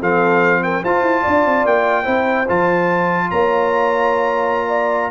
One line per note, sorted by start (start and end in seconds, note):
0.00 0.83 F3
0.00 0.83 C4
0.00 0.61 A4
0.00 0.63 F5
0.63 0.82 A#4
0.63 0.84 G5
0.82 1.01 F4
0.82 2.04 F4
0.82 1.22 C5
0.82 1.66 A5
1.01 1.21 E4
1.22 1.45 D4
1.22 2.03 D5
1.45 1.65 C4
1.65 2.06 A#3
1.65 2.47 G5
2.03 2.47 C4
2.03 2.45 E4
2.03 3.26 C5
2.48 3.31 F3
2.48 5.10 F4
2.48 3.30 A5
3.30 5.10 A#3
3.30 4.68 C#5
3.30 5.10 A#5
4.68 5.09 D5